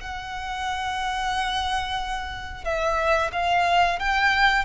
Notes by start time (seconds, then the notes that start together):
0.00 F#5
2.64 E5
3.32 F5
3.99 G5